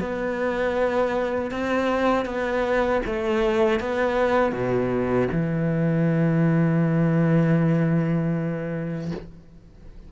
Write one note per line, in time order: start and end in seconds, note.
0.00 1.51 B3
1.51 2.25 C4
2.25 3.01 B3
3.06 3.80 A3
3.80 4.52 B3
4.52 5.28 B2
5.32 9.11 E3